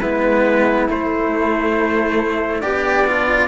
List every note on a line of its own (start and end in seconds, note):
0.00 0.88 G#3
0.00 0.89 B3
0.00 2.61 E4
0.00 0.87 B4
0.89 2.63 A3
0.89 2.62 A3
0.89 2.61 C5
2.61 3.48 B3
2.61 3.48 D4
2.61 3.06 G4
2.61 3.48 D5
3.07 3.48 F4